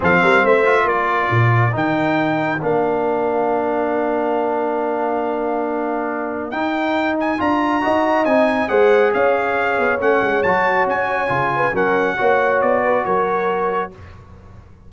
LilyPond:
<<
  \new Staff \with { instrumentName = "trumpet" } { \time 4/4 \tempo 4 = 138 f''4 e''4 d''2 | g''2 f''2~ | f''1~ | f''2. g''4~ |
g''8 gis''8 ais''2 gis''4 | fis''4 f''2 fis''4 | a''4 gis''2 fis''4~ | fis''4 d''4 cis''2 | }
  \new Staff \with { instrumentName = "horn" } { \time 4/4 a'8 ais'8 c''4 ais'2~ | ais'1~ | ais'1~ | ais'1~ |
ais'2 dis''2 | c''4 cis''2.~ | cis''2~ cis''8 b'8 ais'4 | cis''4. b'8 ais'2 | }
  \new Staff \with { instrumentName = "trombone" } { \time 4/4 c'4. f'2~ f'8 | dis'2 d'2~ | d'1~ | d'2. dis'4~ |
dis'4 f'4 fis'4 dis'4 | gis'2. cis'4 | fis'2 f'4 cis'4 | fis'1 | }
  \new Staff \with { instrumentName = "tuba" } { \time 4/4 f8 g8 a4 ais4 ais,4 | dis2 ais2~ | ais1~ | ais2. dis'4~ |
dis'4 d'4 dis'4 c'4 | gis4 cis'4. b8 a8 gis8 | fis4 cis'4 cis4 fis4 | ais4 b4 fis2 | }
>>